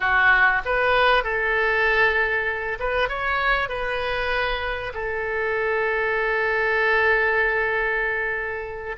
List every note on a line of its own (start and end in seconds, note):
0.00 0.62 F#4
0.65 1.23 B4
1.23 2.78 A4
2.79 3.08 B4
3.08 3.69 C#5
3.69 4.92 B4
4.93 8.96 A4